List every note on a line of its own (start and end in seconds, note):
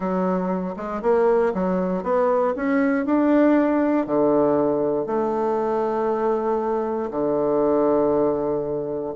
0.00 0.75 F#3
0.76 1.01 G#3
1.02 1.53 A#3
1.54 2.03 F#3
2.03 2.54 B3
2.56 3.05 C#4
3.05 4.06 D4
4.06 5.06 D3
5.06 7.10 A3
7.10 9.14 D3